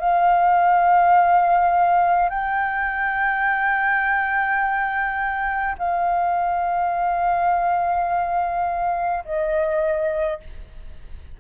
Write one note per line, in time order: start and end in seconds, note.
0.00 2.30 F5
2.30 5.76 G5
5.78 9.25 F5
9.25 10.41 D#5